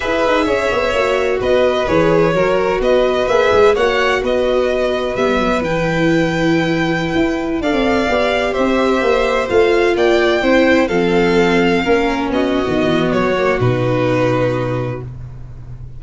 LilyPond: <<
  \new Staff \with { instrumentName = "violin" } { \time 4/4 \tempo 4 = 128 e''2. dis''4 | cis''2 dis''4 e''4 | fis''4 dis''2 e''4 | g''1~ |
g''16 f''2 e''4.~ e''16~ | e''16 f''4 g''2 f''8.~ | f''2~ f''16 dis''4.~ dis''16 | cis''4 b'2. | }
  \new Staff \with { instrumentName = "violin" } { \time 4/4 b'4 cis''2 b'4~ | b'4 ais'4 b'2 | cis''4 b'2.~ | b'1~ |
b'16 d''2 c''4.~ c''16~ | c''4~ c''16 d''4 c''4 a'8.~ | a'4~ a'16 ais'4 fis'4.~ fis'16~ | fis'1 | }
  \new Staff \with { instrumentName = "viola" } { \time 4/4 gis'2 fis'2 | gis'4 fis'2 gis'4 | fis'2. b4 | e'1~ |
e'16 a'4 g'2~ g'8.~ | g'16 f'2 e'4 c'8.~ | c'4~ c'16 cis'4.~ cis'16 b4~ | b8 ais8 dis'2. | }
  \new Staff \with { instrumentName = "tuba" } { \time 4/4 e'8 dis'8 cis'8 b8 ais4 b4 | e4 fis4 b4 ais8 gis8 | ais4 b2 g8 fis8 | e2.~ e16 e'8.~ |
e'16 d'16 c'8. b4 c'4 ais8.~ | ais16 a4 ais4 c'4 f8.~ | f4~ f16 ais4 b8. dis8 e8 | fis4 b,2. | }
>>